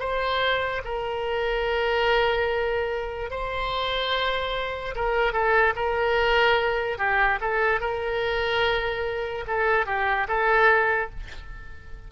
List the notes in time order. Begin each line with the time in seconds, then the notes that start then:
0.00 C5
0.85 A#4
3.31 C5
4.96 A#4
5.33 A4
5.76 A#4
6.99 G4
7.41 A4
7.81 A#4
9.48 A4
9.87 G4
10.29 A4